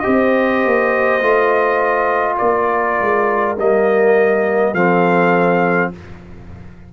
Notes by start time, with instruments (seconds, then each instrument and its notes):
0.00 trombone G4, trumpet D#5
0.06 tuba C4, horn C5
0.65 tuba A#3
1.22 tuba A3, trombone F4
2.38 tuba A#3, horn A#4, trumpet D5
3.01 tuba G#3
3.59 tuba G3, trombone A#3, trumpet D#5
4.73 tuba F3, trombone C4, horn A4, trumpet F5